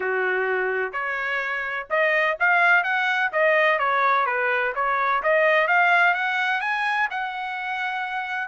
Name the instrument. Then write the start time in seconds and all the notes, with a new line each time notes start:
trumpet
0.00 F#4
0.92 C#5
1.90 D#5
2.39 F5
2.83 F#5
3.32 D#5
3.79 C#5
4.26 B4
4.75 C#5
5.22 D#5
5.67 F5
6.14 F#5
6.61 G#5
7.10 F#5